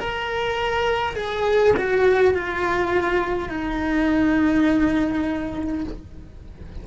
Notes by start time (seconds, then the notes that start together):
0.00 A#4
1.16 G#4
1.77 F#4
2.35 F4
3.50 D#4